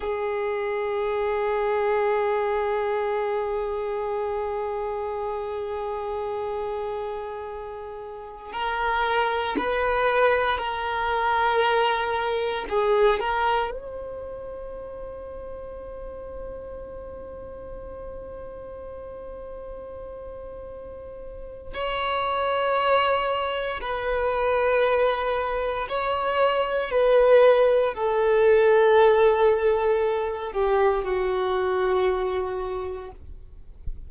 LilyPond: \new Staff \with { instrumentName = "violin" } { \time 4/4 \tempo 4 = 58 gis'1~ | gis'1~ | gis'16 ais'4 b'4 ais'4.~ ais'16~ | ais'16 gis'8 ais'8 c''2~ c''8.~ |
c''1~ | c''4 cis''2 b'4~ | b'4 cis''4 b'4 a'4~ | a'4. g'8 fis'2 | }